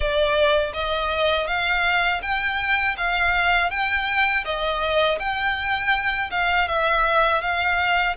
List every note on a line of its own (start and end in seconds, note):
0.00 0.72 D5
0.73 1.46 D#5
1.46 2.21 F5
2.22 2.96 G5
2.97 3.70 F5
3.70 4.44 G5
4.44 5.19 D#5
5.19 6.30 G5
6.31 6.67 F5
6.67 7.41 E5
7.41 8.15 F5